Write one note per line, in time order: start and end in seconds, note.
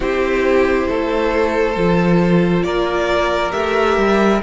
0.00 0.86 C4
0.00 1.75 E4
0.00 0.87 G4
0.00 2.63 C5
0.87 1.76 A3
0.87 2.64 A4
1.76 2.64 F3
1.76 3.51 F4
2.63 3.52 A#3
2.63 4.42 A#4
2.63 3.51 D5
3.51 3.97 A3
3.51 4.39 G4
3.51 4.40 E5
3.97 4.41 G3